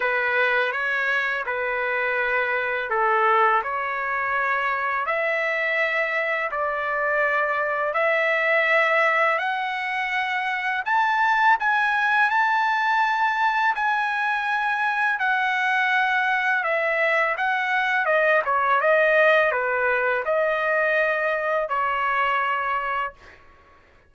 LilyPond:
\new Staff \with { instrumentName = "trumpet" } { \time 4/4 \tempo 4 = 83 b'4 cis''4 b'2 | a'4 cis''2 e''4~ | e''4 d''2 e''4~ | e''4 fis''2 a''4 |
gis''4 a''2 gis''4~ | gis''4 fis''2 e''4 | fis''4 dis''8 cis''8 dis''4 b'4 | dis''2 cis''2 | }